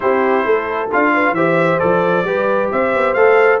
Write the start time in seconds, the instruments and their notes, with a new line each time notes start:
0.00 tuba C4, trombone E4, horn G4, trumpet C5
0.45 tuba A3, horn A4
0.92 tuba D4, trombone F4, trumpet F5
1.14 horn B4
1.31 tuba E3, trombone G4, horn C5, trumpet E5
1.79 tuba F3, trombone A4, trumpet D5
2.24 tuba G3, trombone G4, horn B4
2.71 tuba C4, horn C5, trumpet E5
2.95 tuba B3
3.13 tuba A3, trombone A4, trumpet F5